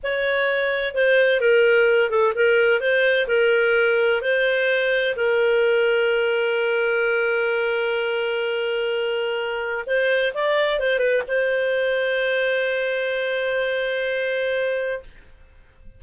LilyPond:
\new Staff \with { instrumentName = "clarinet" } { \time 4/4 \tempo 4 = 128 cis''2 c''4 ais'4~ | ais'8 a'8 ais'4 c''4 ais'4~ | ais'4 c''2 ais'4~ | ais'1~ |
ais'1~ | ais'4 c''4 d''4 c''8 b'8 | c''1~ | c''1 | }